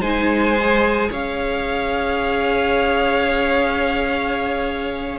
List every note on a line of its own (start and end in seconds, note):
0.00 1.09 G#3
0.00 0.57 D#4
0.00 1.10 C5
0.00 1.10 G#5
0.60 5.19 G#4
1.10 5.19 C#4
1.10 5.19 C#5
1.10 5.19 F5